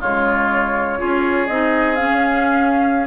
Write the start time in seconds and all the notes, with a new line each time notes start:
0.00 C#3 G#3 F4 C#5
0.98 C#4 F4 G#4
1.47 C4 D#4 D#5
1.96 C#4 F5
2.12 C#4